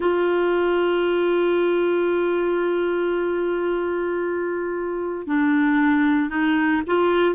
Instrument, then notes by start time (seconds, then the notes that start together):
clarinet
0.00 F4
5.26 D4
6.29 D#4
6.87 F4